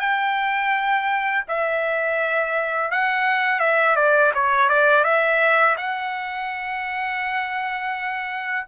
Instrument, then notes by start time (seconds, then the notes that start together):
trumpet
0.00 G5
1.48 E5
2.91 F#5
3.60 E5
3.96 D5
4.35 C#5
4.70 D5
5.04 E5
5.77 F#5